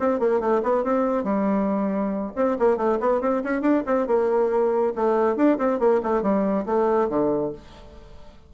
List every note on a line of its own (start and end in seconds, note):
0.00 0.20 C4
0.20 0.41 A#3
0.41 0.62 A3
0.63 0.84 B3
0.84 1.24 C4
1.24 2.32 G3
2.36 2.58 C4
2.59 2.78 A#3
2.78 2.99 A3
3.01 3.22 B3
3.22 3.43 C4
3.44 3.62 C#4
3.62 3.83 D4
3.87 4.08 C4
4.08 4.94 A#3
4.96 5.37 A3
5.37 5.58 D4
5.59 5.80 C4
5.80 6.02 A#3
6.03 6.23 A3
6.23 6.66 G3
6.66 7.09 A3
7.09 7.53 D3